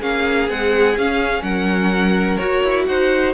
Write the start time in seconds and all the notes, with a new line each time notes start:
0.00 A#3 C#4 G#4 F5
0.49 G#3 C4 F#5
0.97 C#4 F5
1.43 F#3 A#4 F#5
2.37 F#4 C#5
2.64 E4
2.86 D#4 C5 F#5